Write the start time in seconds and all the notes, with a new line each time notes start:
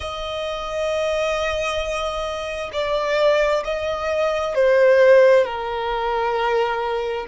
0.00 D#5
2.72 D5
3.64 D#5
4.55 C5
5.44 A#4